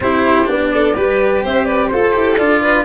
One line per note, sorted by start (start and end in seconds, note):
0.00 0.45 C4
0.00 0.45 E4
0.00 0.72 G4
0.00 0.49 C5
0.45 0.96 B3
0.45 0.93 D4
0.45 1.44 D5
0.73 0.95 A4
0.95 1.44 G3
0.95 1.92 G4
0.95 1.43 B4
1.43 1.92 C4
1.43 1.65 C5
1.43 1.64 E5
1.64 1.89 B4
1.64 1.87 D5
1.87 2.16 F4
1.87 2.61 A4
1.87 2.35 C5
1.93 2.12 A4
2.12 2.39 E4
2.12 2.36 G4
2.37 2.84 D4
2.37 2.84 F4
2.37 2.84 D5
2.61 2.84 B4